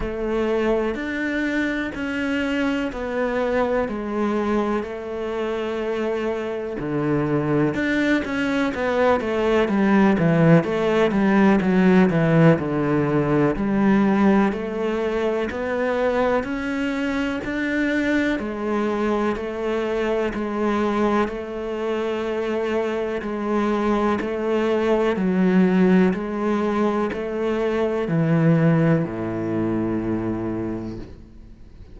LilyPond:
\new Staff \with { instrumentName = "cello" } { \time 4/4 \tempo 4 = 62 a4 d'4 cis'4 b4 | gis4 a2 d4 | d'8 cis'8 b8 a8 g8 e8 a8 g8 | fis8 e8 d4 g4 a4 |
b4 cis'4 d'4 gis4 | a4 gis4 a2 | gis4 a4 fis4 gis4 | a4 e4 a,2 | }